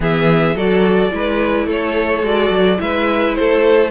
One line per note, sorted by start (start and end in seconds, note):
0.00 0.54 E3
0.00 0.55 B3
0.00 0.55 G#4
0.00 0.57 E5
0.54 1.11 F#3
0.54 1.10 F#4
0.54 1.11 A4
0.54 1.69 D5
1.10 1.66 G#3
1.10 2.22 E4
1.10 1.66 B4
1.66 2.22 A3
1.66 2.79 A4
1.66 2.25 C#5
2.22 2.50 G#3
2.22 2.77 F#4
2.22 2.80 D5
2.50 2.78 F#3
2.77 3.37 G#3
2.77 3.89 E4
2.77 3.38 B4
2.77 3.34 E5
3.34 3.90 A3
3.34 3.90 A4
3.34 3.90 C5